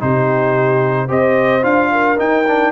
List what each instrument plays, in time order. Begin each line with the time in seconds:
0.00 tuba C3, trombone D#4, horn G4, trumpet C5
1.08 tuba C4, trombone G4, horn C5, trumpet D#5
1.62 tuba D4, trombone F4, trumpet F5
1.92 horn A#4
2.17 trombone D#4, tuba D#4, trumpet G5
2.47 trombone D4